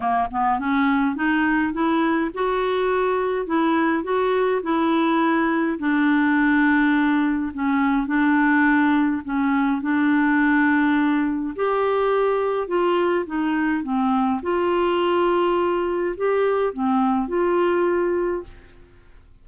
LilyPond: \new Staff \with { instrumentName = "clarinet" } { \time 4/4 \tempo 4 = 104 ais8 b8 cis'4 dis'4 e'4 | fis'2 e'4 fis'4 | e'2 d'2~ | d'4 cis'4 d'2 |
cis'4 d'2. | g'2 f'4 dis'4 | c'4 f'2. | g'4 c'4 f'2 | }